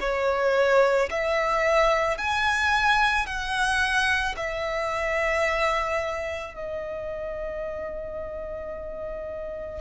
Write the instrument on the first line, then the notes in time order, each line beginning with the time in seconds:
violin
0.00 C#5
1.11 E5
2.18 G#5
3.26 F#5
4.37 E5
6.55 D#5